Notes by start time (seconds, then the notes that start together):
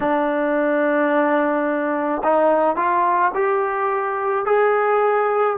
0.00 D4
2.23 D#4
2.76 F4
3.34 G4
4.45 G#4